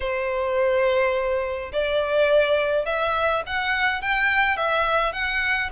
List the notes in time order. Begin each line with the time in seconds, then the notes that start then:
0.00 C5
1.72 D5
2.85 E5
3.46 F#5
4.01 G5
4.56 E5
5.12 F#5